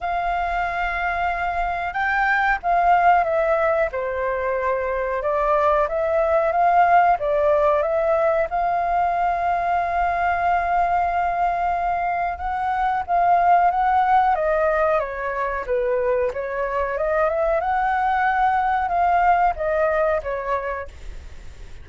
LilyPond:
\new Staff \with { instrumentName = "flute" } { \time 4/4 \tempo 4 = 92 f''2. g''4 | f''4 e''4 c''2 | d''4 e''4 f''4 d''4 | e''4 f''2.~ |
f''2. fis''4 | f''4 fis''4 dis''4 cis''4 | b'4 cis''4 dis''8 e''8 fis''4~ | fis''4 f''4 dis''4 cis''4 | }